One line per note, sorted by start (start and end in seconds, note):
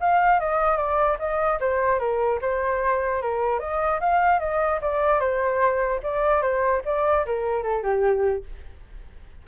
0.00 0.40 F5
0.40 0.77 D#5
0.77 1.17 D5
1.19 1.59 D#5
1.60 1.99 C5
1.99 2.39 A#4
2.41 3.22 C5
3.22 3.59 A#4
3.59 4.00 D#5
4.00 4.39 F5
4.39 4.80 D#5
4.82 5.20 D5
5.20 6.00 C5
6.03 6.42 D5
6.42 6.82 C5
6.85 7.25 D5
7.26 7.63 A#4
7.63 7.83 A4
7.83 8.44 G4